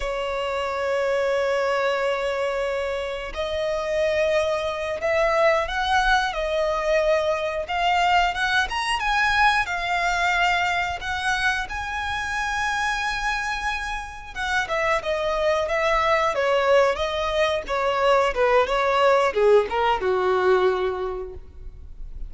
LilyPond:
\new Staff \with { instrumentName = "violin" } { \time 4/4 \tempo 4 = 90 cis''1~ | cis''4 dis''2~ dis''8 e''8~ | e''8 fis''4 dis''2 f''8~ | f''8 fis''8 ais''8 gis''4 f''4.~ |
f''8 fis''4 gis''2~ gis''8~ | gis''4. fis''8 e''8 dis''4 e''8~ | e''8 cis''4 dis''4 cis''4 b'8 | cis''4 gis'8 ais'8 fis'2 | }